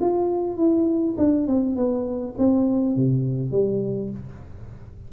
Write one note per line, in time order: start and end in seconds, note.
0.00 0.57 F4
0.57 1.16 E4
1.17 1.47 D4
1.47 1.75 C4
1.75 2.34 B3
2.38 2.95 C4
2.95 3.51 C3
3.51 4.10 G3